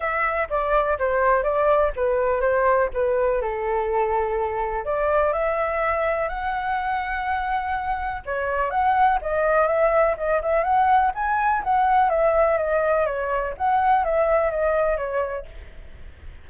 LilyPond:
\new Staff \with { instrumentName = "flute" } { \time 4/4 \tempo 4 = 124 e''4 d''4 c''4 d''4 | b'4 c''4 b'4 a'4~ | a'2 d''4 e''4~ | e''4 fis''2.~ |
fis''4 cis''4 fis''4 dis''4 | e''4 dis''8 e''8 fis''4 gis''4 | fis''4 e''4 dis''4 cis''4 | fis''4 e''4 dis''4 cis''4 | }